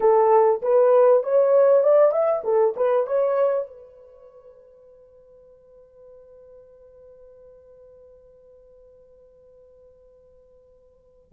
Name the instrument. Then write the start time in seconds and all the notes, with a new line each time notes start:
horn
0.00 A4
0.62 B4
1.23 C#5
1.83 D5
2.11 E5
2.44 A4
2.76 B4
3.06 C#5
3.67 B4